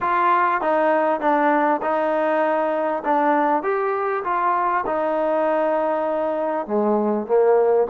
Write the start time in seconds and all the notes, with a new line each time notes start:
0.01 F4
0.61 D#4
1.20 D4
1.82 D#4
3.04 D4
3.62 G4
4.23 F4
4.86 D#4
6.66 G#3
7.26 A#3